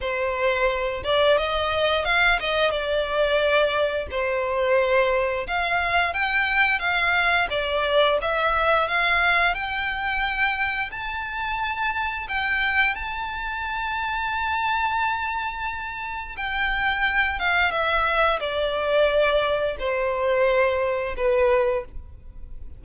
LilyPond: \new Staff \with { instrumentName = "violin" } { \time 4/4 \tempo 4 = 88 c''4. d''8 dis''4 f''8 dis''8 | d''2 c''2 | f''4 g''4 f''4 d''4 | e''4 f''4 g''2 |
a''2 g''4 a''4~ | a''1 | g''4. f''8 e''4 d''4~ | d''4 c''2 b'4 | }